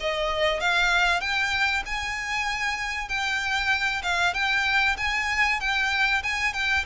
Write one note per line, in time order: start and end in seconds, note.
0.00 0.60 D#5
0.60 1.20 F5
1.20 1.83 G5
1.86 3.09 G#5
3.09 4.02 G5
4.03 4.34 F5
4.34 4.96 G5
4.97 5.60 G#5
5.60 6.22 G5
6.23 6.53 G#5
6.53 6.85 G5